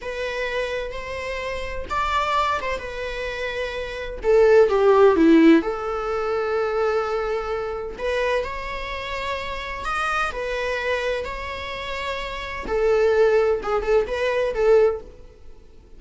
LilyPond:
\new Staff \with { instrumentName = "viola" } { \time 4/4 \tempo 4 = 128 b'2 c''2 | d''4. c''8 b'2~ | b'4 a'4 g'4 e'4 | a'1~ |
a'4 b'4 cis''2~ | cis''4 dis''4 b'2 | cis''2. a'4~ | a'4 gis'8 a'8 b'4 a'4 | }